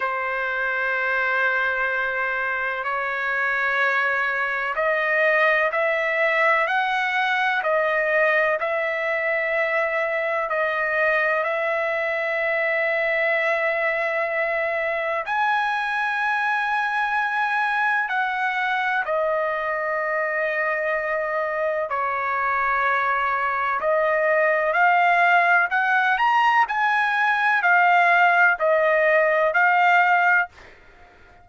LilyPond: \new Staff \with { instrumentName = "trumpet" } { \time 4/4 \tempo 4 = 63 c''2. cis''4~ | cis''4 dis''4 e''4 fis''4 | dis''4 e''2 dis''4 | e''1 |
gis''2. fis''4 | dis''2. cis''4~ | cis''4 dis''4 f''4 fis''8 ais''8 | gis''4 f''4 dis''4 f''4 | }